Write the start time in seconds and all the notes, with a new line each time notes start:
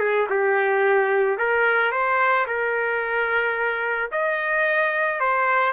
0.00 G#4
0.30 G4
1.38 A#4
1.92 C5
2.47 A#4
4.12 D#5
5.20 C5